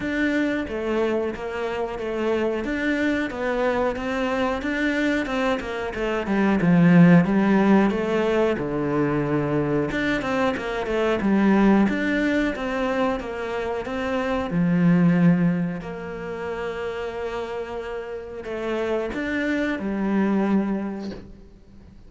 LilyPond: \new Staff \with { instrumentName = "cello" } { \time 4/4 \tempo 4 = 91 d'4 a4 ais4 a4 | d'4 b4 c'4 d'4 | c'8 ais8 a8 g8 f4 g4 | a4 d2 d'8 c'8 |
ais8 a8 g4 d'4 c'4 | ais4 c'4 f2 | ais1 | a4 d'4 g2 | }